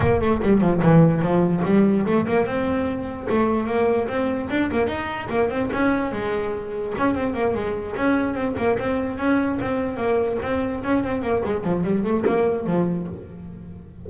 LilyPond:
\new Staff \with { instrumentName = "double bass" } { \time 4/4 \tempo 4 = 147 ais8 a8 g8 f8 e4 f4 | g4 a8 ais8 c'2 | a4 ais4 c'4 d'8 ais8 | dis'4 ais8 c'8 cis'4 gis4~ |
gis4 cis'8 c'8 ais8 gis4 cis'8~ | cis'8 c'8 ais8 c'4 cis'4 c'8~ | c'8 ais4 c'4 cis'8 c'8 ais8 | gis8 f8 g8 a8 ais4 f4 | }